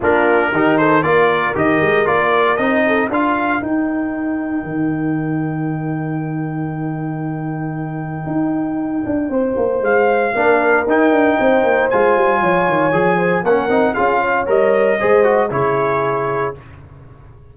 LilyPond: <<
  \new Staff \with { instrumentName = "trumpet" } { \time 4/4 \tempo 4 = 116 ais'4. c''8 d''4 dis''4 | d''4 dis''4 f''4 g''4~ | g''1~ | g''1~ |
g''2. f''4~ | f''4 g''2 gis''4~ | gis''2 fis''4 f''4 | dis''2 cis''2 | }
  \new Staff \with { instrumentName = "horn" } { \time 4/4 f'4 g'8 a'8 ais'2~ | ais'4. a'8 ais'2~ | ais'1~ | ais'1~ |
ais'2 c''2 | ais'2 c''2 | cis''4. c''8 ais'4 gis'8 cis''8~ | cis''4 c''4 gis'2 | }
  \new Staff \with { instrumentName = "trombone" } { \time 4/4 d'4 dis'4 f'4 g'4 | f'4 dis'4 f'4 dis'4~ | dis'1~ | dis'1~ |
dis'1 | d'4 dis'2 f'4~ | f'4 gis'4 cis'8 dis'8 f'4 | ais'4 gis'8 fis'8 e'2 | }
  \new Staff \with { instrumentName = "tuba" } { \time 4/4 ais4 dis4 ais4 dis8 gis8 | ais4 c'4 d'4 dis'4~ | dis'4 dis2.~ | dis1 |
dis'4. d'8 c'8 ais8 gis4 | ais4 dis'8 d'8 c'8 ais8 gis8 g8 | f8 dis8 f4 ais8 c'8 cis'4 | g4 gis4 cis2 | }
>>